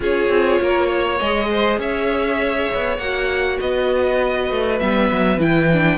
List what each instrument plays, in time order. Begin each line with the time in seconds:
0.00 cello C#4, viola F4, violin G#4 C#5
0.28 cello C4
0.60 cello A#3, violin A#4
0.86 violin C#5
1.19 cello G#3, viola G#4, violin D#5
1.50 violin C5
1.78 cello C#4, violin C#5 E5
2.73 cello B3
2.98 cello A#3, viola F#4, violin F#5
3.60 cello B3, violin B4 D#5
4.50 cello A3
4.79 cello G3, viola B3, violin E5
5.11 cello F#3
5.38 cello E3, viola E4, violin G5
5.73 viola D4